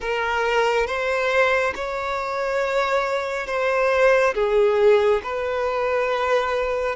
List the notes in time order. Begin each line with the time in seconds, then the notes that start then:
0.00 A#4
0.86 C5
1.75 C#5
3.47 C5
4.34 G#4
5.23 B4